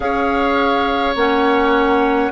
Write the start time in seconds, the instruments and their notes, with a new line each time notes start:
0.00 bassoon C#4, clarinet G#4, oboe C#5, flute F5
1.15 bassoon A#3, clarinet C#4, flute F#5